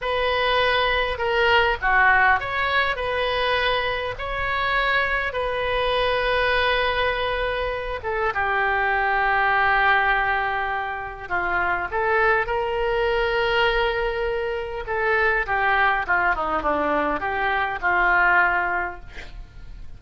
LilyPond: \new Staff \with { instrumentName = "oboe" } { \time 4/4 \tempo 4 = 101 b'2 ais'4 fis'4 | cis''4 b'2 cis''4~ | cis''4 b'2.~ | b'4. a'8 g'2~ |
g'2. f'4 | a'4 ais'2.~ | ais'4 a'4 g'4 f'8 dis'8 | d'4 g'4 f'2 | }